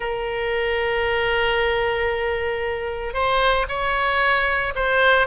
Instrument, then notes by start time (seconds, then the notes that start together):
oboe
0.00 A#4
3.13 C5
3.68 C#5
4.75 C5